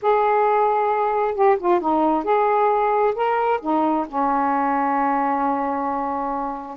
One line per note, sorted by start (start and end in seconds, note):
0.01 1.34 G#4
1.34 1.57 G4
1.59 1.80 F4
1.80 2.24 D#4
2.24 3.14 G#4
3.15 3.60 A#4
3.61 4.06 D#4
4.08 6.77 C#4